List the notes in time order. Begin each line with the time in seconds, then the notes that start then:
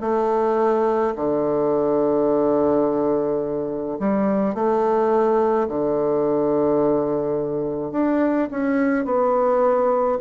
0.00 A3
1.15 D3
3.99 G3
4.54 A3
5.68 D3
7.91 D4
8.50 C#4
9.05 B3